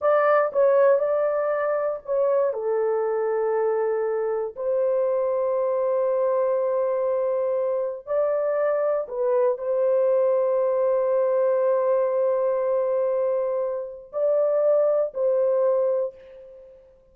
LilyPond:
\new Staff \with { instrumentName = "horn" } { \time 4/4 \tempo 4 = 119 d''4 cis''4 d''2 | cis''4 a'2.~ | a'4 c''2.~ | c''1 |
d''2 b'4 c''4~ | c''1~ | c''1 | d''2 c''2 | }